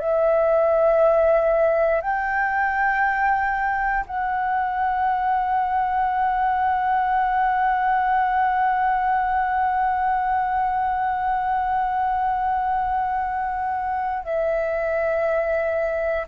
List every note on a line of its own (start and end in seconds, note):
0.00 2.02 E5
2.02 4.05 G5
4.07 14.24 F#5
14.24 16.27 E5